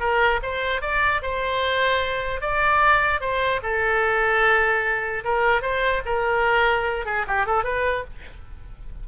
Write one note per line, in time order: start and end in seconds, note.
0.00 0.40 A#4
0.43 0.81 C5
0.81 1.22 D5
1.22 2.41 C5
2.41 3.21 D5
3.21 3.61 C5
3.63 5.24 A4
5.24 5.62 A#4
5.62 6.02 C5
6.05 7.06 A#4
7.06 7.26 G#4
7.28 7.46 G4
7.46 7.64 A4
7.64 8.04 B4